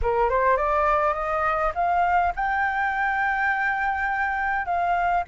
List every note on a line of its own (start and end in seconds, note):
0.02 0.29 A#4
0.29 0.56 C5
0.56 1.14 D5
1.14 1.72 D#5
1.74 2.32 F5
2.35 4.65 G5
4.65 5.23 F5